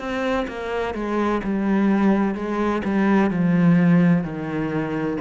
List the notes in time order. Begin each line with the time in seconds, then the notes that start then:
0.00 C4
0.48 A#3
0.95 G#3
1.44 G3
2.35 G#3
2.85 G3
3.31 F3
4.24 D#3